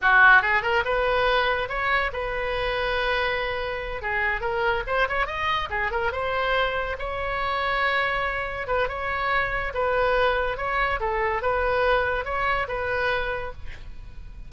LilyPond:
\new Staff \with { instrumentName = "oboe" } { \time 4/4 \tempo 4 = 142 fis'4 gis'8 ais'8 b'2 | cis''4 b'2.~ | b'4. gis'4 ais'4 c''8 | cis''8 dis''4 gis'8 ais'8 c''4.~ |
c''8 cis''2.~ cis''8~ | cis''8 b'8 cis''2 b'4~ | b'4 cis''4 a'4 b'4~ | b'4 cis''4 b'2 | }